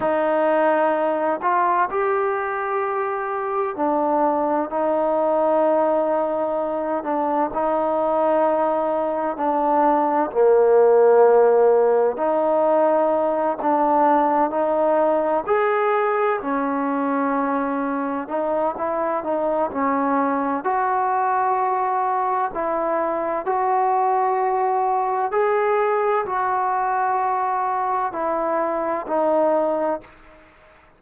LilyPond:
\new Staff \with { instrumentName = "trombone" } { \time 4/4 \tempo 4 = 64 dis'4. f'8 g'2 | d'4 dis'2~ dis'8 d'8 | dis'2 d'4 ais4~ | ais4 dis'4. d'4 dis'8~ |
dis'8 gis'4 cis'2 dis'8 | e'8 dis'8 cis'4 fis'2 | e'4 fis'2 gis'4 | fis'2 e'4 dis'4 | }